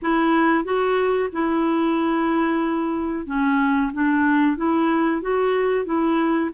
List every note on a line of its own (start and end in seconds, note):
0.01 0.64 E4
0.64 1.29 F#4
1.32 3.26 E4
3.26 3.91 C#4
3.93 4.57 D4
4.57 5.21 E4
5.21 5.85 F#4
5.85 6.50 E4